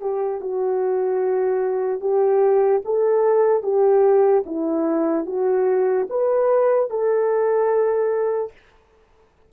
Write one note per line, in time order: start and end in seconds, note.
0.00 0.41 G4
0.41 2.00 F#4
2.00 2.81 G4
2.85 3.62 A4
3.62 4.43 G4
4.46 5.26 E4
5.26 6.07 F#4
6.09 6.90 B4
6.90 8.52 A4